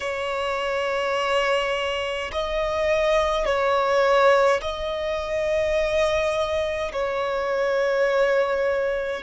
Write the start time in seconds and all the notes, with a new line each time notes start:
0.00 C#5
2.31 D#5
3.45 C#5
4.61 D#5
6.92 C#5